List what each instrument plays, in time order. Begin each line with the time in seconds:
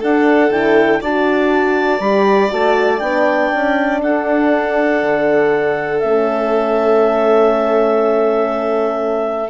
0.00 bassoon D4, horn D4, violin A4, clarinet F#5
0.49 bassoon D3, horn E4, clarinet G5
1.00 bassoon D4, horn F#4, violin D5, clarinet A5
2.00 bassoon G3, horn G4, clarinet B5
2.49 bassoon A3, horn F#4, clarinet A5
2.99 bassoon B3, horn D4, clarinet G5
3.53 bassoon C#4
4.02 bassoon D4, violin A4, clarinet F#5
5.02 bassoon D3
5.99 bassoon A3, horn C#4, clarinet E5